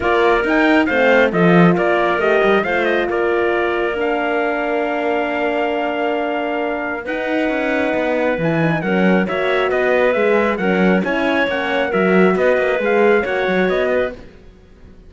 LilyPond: <<
  \new Staff \with { instrumentName = "trumpet" } { \time 4/4 \tempo 4 = 136 d''4 g''4 f''4 dis''4 | d''4 dis''4 f''8 dis''8 d''4~ | d''4 f''2.~ | f''1 |
fis''2. gis''4 | fis''4 e''4 dis''4 e''4 | fis''4 gis''4 fis''4 e''4 | dis''4 f''4 fis''4 dis''4 | }
  \new Staff \with { instrumentName = "clarinet" } { \time 4/4 ais'2 c''4 a'4 | ais'2 c''4 ais'4~ | ais'1~ | ais'1 |
b'1 | ais'4 cis''4 b'2 | ais'4 cis''2 ais'4 | b'2 cis''4. b'8 | }
  \new Staff \with { instrumentName = "horn" } { \time 4/4 f'4 dis'4 c'4 f'4~ | f'4 g'4 f'2~ | f'4 d'2.~ | d'1 |
dis'2. e'8 dis'8 | cis'4 fis'2 gis'4 | cis'4 e'4 cis'4 fis'4~ | fis'4 gis'4 fis'2 | }
  \new Staff \with { instrumentName = "cello" } { \time 4/4 ais4 dis'4 a4 f4 | ais4 a8 g8 a4 ais4~ | ais1~ | ais1 |
dis'4 cis'4 b4 e4 | fis4 ais4 b4 gis4 | fis4 cis'4 ais4 fis4 | b8 ais8 gis4 ais8 fis8 b4 | }
>>